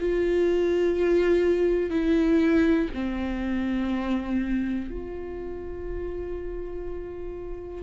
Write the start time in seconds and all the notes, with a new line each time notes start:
0.00 F4
1.91 E4
2.94 C4
4.91 F4